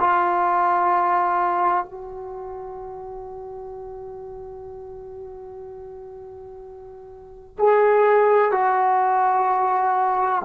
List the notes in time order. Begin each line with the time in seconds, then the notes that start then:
0.00 F4
1.85 F#4
7.58 G#4
8.52 F#4